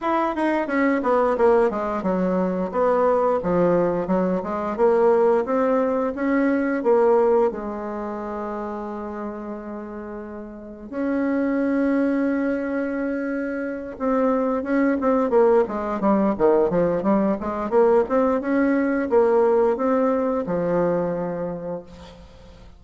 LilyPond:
\new Staff \with { instrumentName = "bassoon" } { \time 4/4 \tempo 4 = 88 e'8 dis'8 cis'8 b8 ais8 gis8 fis4 | b4 f4 fis8 gis8 ais4 | c'4 cis'4 ais4 gis4~ | gis1 |
cis'1~ | cis'8 c'4 cis'8 c'8 ais8 gis8 g8 | dis8 f8 g8 gis8 ais8 c'8 cis'4 | ais4 c'4 f2 | }